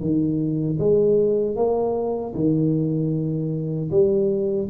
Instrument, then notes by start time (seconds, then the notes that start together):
tuba
0.00 D#3
0.79 G#3
1.56 A#3
2.34 D#3
3.90 G3